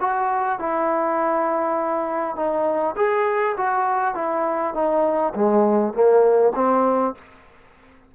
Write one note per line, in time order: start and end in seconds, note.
0.00 0.59 F#4
0.59 2.35 E4
2.35 2.95 D#4
2.96 3.55 G#4
3.56 4.14 F#4
4.14 4.74 E4
4.74 5.33 D#4
5.35 5.93 G#3
5.93 6.52 A#3
6.55 7.14 C4